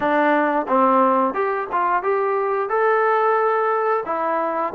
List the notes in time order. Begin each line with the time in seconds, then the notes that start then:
0.00 D4
0.67 C4
1.34 G4
1.72 F4
2.02 G4
2.69 A4
4.05 E4